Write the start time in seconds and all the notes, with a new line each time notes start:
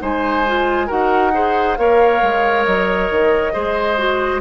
0.00 G#3 D#4 C5 G#5
0.47 F4
0.87 D#4 F#4 A#4 F#5
1.33 G#4 C5
1.76 A#3 A#4 C#5 F5
2.22 G#3
2.65 F#3 D#5
3.10 D#3
3.53 G#3 G#4 C5
3.97 F#4